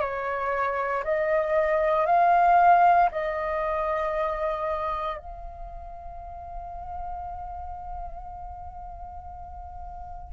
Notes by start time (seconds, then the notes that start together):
0.00 C#5
1.04 D#5
2.06 F5
3.11 D#5
5.18 F5